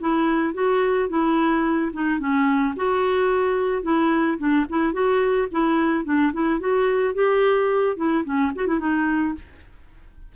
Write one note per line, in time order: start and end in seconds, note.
0.00 0.54 E4
0.54 1.09 F#4
1.09 1.91 E4
1.93 2.19 D#4
2.19 2.74 C#4
2.76 3.83 F#4
3.83 4.38 E4
4.38 4.66 D4
4.69 4.93 E4
4.93 5.48 F#4
5.51 6.05 E4
6.05 6.32 D4
6.33 6.60 E4
6.60 7.14 F#4
7.14 7.96 G4
7.96 8.24 E4
8.24 8.52 C#4
8.55 8.67 F#4
8.67 8.79 E4
8.79 9.34 D#4